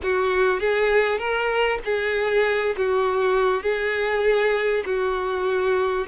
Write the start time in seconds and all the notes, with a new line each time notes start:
0.02 F#4
0.60 G#4
1.18 A#4
1.85 G#4
2.76 F#4
3.62 G#4
4.85 F#4